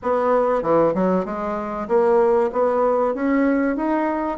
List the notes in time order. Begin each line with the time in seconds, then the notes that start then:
0.02 B3
0.62 E3
0.94 F#3
1.25 G#3
1.88 A#3
2.52 B3
3.14 C#4
3.76 D#4